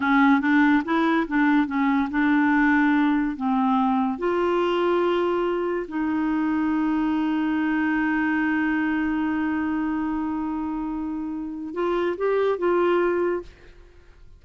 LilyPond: \new Staff \with { instrumentName = "clarinet" } { \time 4/4 \tempo 4 = 143 cis'4 d'4 e'4 d'4 | cis'4 d'2. | c'2 f'2~ | f'2 dis'2~ |
dis'1~ | dis'1~ | dis'1 | f'4 g'4 f'2 | }